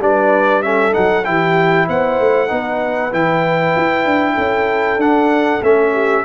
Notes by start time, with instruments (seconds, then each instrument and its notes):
0.00 tuba G3, trombone D4, horn B4, trumpet D5
0.63 trombone C#4, horn A4, trumpet E5
0.92 tuba F#3, trombone D#4, trumpet F#5
1.25 tuba E3, trombone E4, horn G4, trumpet G5
1.87 tuba B3, horn C5, trumpet F#5
2.20 tuba A3
2.49 tuba B3, trombone D#4, horn B4
3.12 tuba E3, trombone E4, trumpet G5
3.77 tuba E4
4.06 tuba D4
4.35 tuba C#4, horn A4
4.98 tuba D4, trombone D4, trumpet F#5
5.61 tuba A3, trombone C#4, trumpet E5
5.93 horn G4